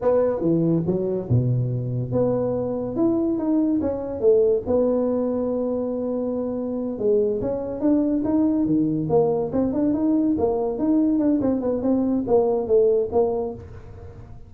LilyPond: \new Staff \with { instrumentName = "tuba" } { \time 4/4 \tempo 4 = 142 b4 e4 fis4 b,4~ | b,4 b2 e'4 | dis'4 cis'4 a4 b4~ | b1~ |
b8 gis4 cis'4 d'4 dis'8~ | dis'8 dis4 ais4 c'8 d'8 dis'8~ | dis'8 ais4 dis'4 d'8 c'8 b8 | c'4 ais4 a4 ais4 | }